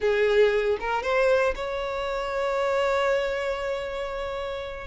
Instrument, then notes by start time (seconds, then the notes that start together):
violin
0.00 G#4
0.79 A#4
1.03 C5
1.55 C#5